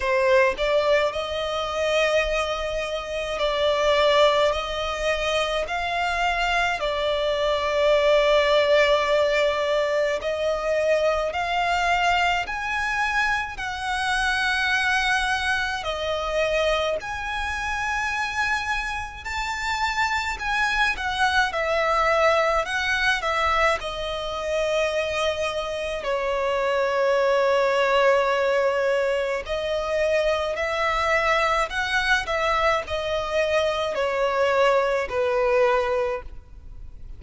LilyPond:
\new Staff \with { instrumentName = "violin" } { \time 4/4 \tempo 4 = 53 c''8 d''8 dis''2 d''4 | dis''4 f''4 d''2~ | d''4 dis''4 f''4 gis''4 | fis''2 dis''4 gis''4~ |
gis''4 a''4 gis''8 fis''8 e''4 | fis''8 e''8 dis''2 cis''4~ | cis''2 dis''4 e''4 | fis''8 e''8 dis''4 cis''4 b'4 | }